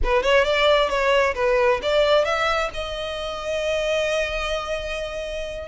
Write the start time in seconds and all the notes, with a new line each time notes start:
0.03 B4
0.22 C#5
0.44 D5
0.89 C#5
1.34 B4
1.82 D5
2.24 E5
2.73 D#5